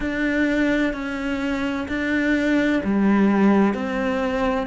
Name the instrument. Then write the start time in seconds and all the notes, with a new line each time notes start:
cello
0.00 D4
0.93 C#4
1.88 D4
2.84 G3
3.74 C4